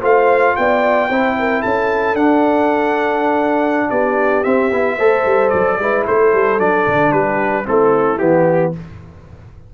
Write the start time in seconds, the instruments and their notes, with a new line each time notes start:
0.00 tuba A3, trombone F4, horn C5, trumpet F5
0.56 tuba B3, horn D5, trumpet G5
1.09 tuba C4, trombone E4, horn C5
1.38 horn A#4
1.60 tuba C#4, horn A4, trumpet A5
2.13 tuba D4, trombone D4, trumpet F#5
3.90 tuba B3, horn G4, trumpet D5
4.44 trombone C4, tuba C4, trumpet E5
4.71 tuba B3, trombone E4
4.97 tuba A3, trombone A4, horn C5
5.25 tuba G3
5.49 tuba F#3, trumpet D5
5.78 tuba G#3, trombone E4, horn B4
6.05 tuba A3, horn A4, trumpet C5
6.33 tuba G3
6.59 tuba F#3, trombone D4, trumpet D5
6.87 tuba D3
7.11 tuba G3, horn G4, trumpet B4
7.64 tuba A3, trombone C4, horn E4, trumpet A4
8.18 tuba E3, trombone B3, trumpet G4